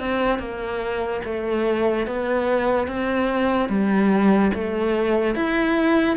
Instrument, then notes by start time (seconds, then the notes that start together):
cello
0.00 C4
0.39 A#3
1.25 A3
2.07 B3
2.88 C4
3.69 G3
4.54 A3
5.35 E4